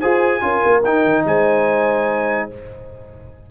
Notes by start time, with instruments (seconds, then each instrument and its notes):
0.00 tuba F4, trombone G#4, horn C5, trumpet G#5
0.41 tuba C#4, trombone F4, horn A#4
0.65 tuba A#3
0.84 tuba D#4, trombone D#4, trumpet G5
1.04 tuba D#3
1.25 tuba G#3, horn C5, trumpet G#5